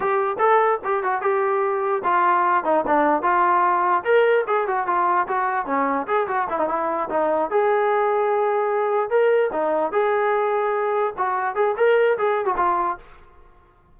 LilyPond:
\new Staff \with { instrumentName = "trombone" } { \time 4/4 \tempo 4 = 148 g'4 a'4 g'8 fis'8 g'4~ | g'4 f'4. dis'8 d'4 | f'2 ais'4 gis'8 fis'8 | f'4 fis'4 cis'4 gis'8 fis'8 |
e'16 dis'16 e'4 dis'4 gis'4.~ | gis'2~ gis'8 ais'4 dis'8~ | dis'8 gis'2. fis'8~ | fis'8 gis'8 ais'4 gis'8. fis'16 f'4 | }